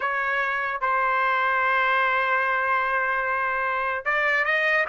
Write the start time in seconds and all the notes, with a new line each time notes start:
0.00 C#5
0.81 C5
4.05 D5
4.44 D#5